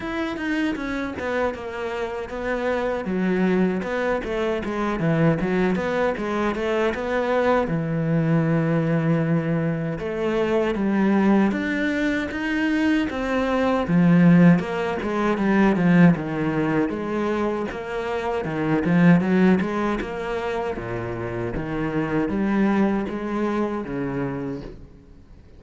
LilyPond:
\new Staff \with { instrumentName = "cello" } { \time 4/4 \tempo 4 = 78 e'8 dis'8 cis'8 b8 ais4 b4 | fis4 b8 a8 gis8 e8 fis8 b8 | gis8 a8 b4 e2~ | e4 a4 g4 d'4 |
dis'4 c'4 f4 ais8 gis8 | g8 f8 dis4 gis4 ais4 | dis8 f8 fis8 gis8 ais4 ais,4 | dis4 g4 gis4 cis4 | }